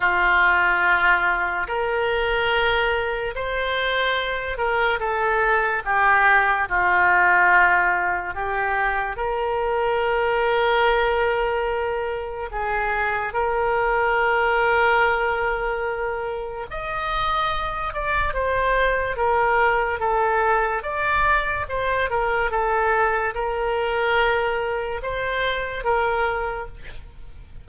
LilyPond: \new Staff \with { instrumentName = "oboe" } { \time 4/4 \tempo 4 = 72 f'2 ais'2 | c''4. ais'8 a'4 g'4 | f'2 g'4 ais'4~ | ais'2. gis'4 |
ais'1 | dis''4. d''8 c''4 ais'4 | a'4 d''4 c''8 ais'8 a'4 | ais'2 c''4 ais'4 | }